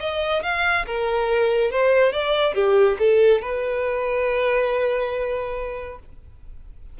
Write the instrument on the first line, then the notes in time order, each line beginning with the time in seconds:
violin
0.00 D#5
0.43 F5
0.86 A#4
1.71 C5
2.12 D5
2.54 G4
2.99 A4
3.42 B4